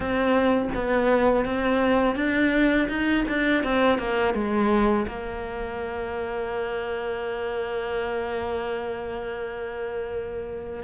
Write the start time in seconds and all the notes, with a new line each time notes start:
0.00 C4
0.74 B3
1.45 C4
2.15 D4
2.88 D#4
3.28 D4
3.63 C4
3.98 A#3
4.34 G#3
5.07 A#3